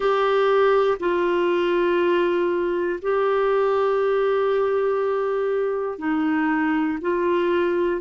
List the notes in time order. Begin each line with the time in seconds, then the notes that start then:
0.00 G4
0.99 F4
3.02 G4
5.98 D#4
7.00 F4